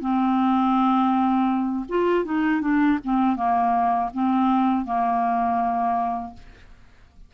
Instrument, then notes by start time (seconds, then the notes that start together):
clarinet
0.00 C4
1.89 F4
2.25 D#4
2.61 D4
3.04 C4
3.36 A#3
4.13 C4
4.85 A#3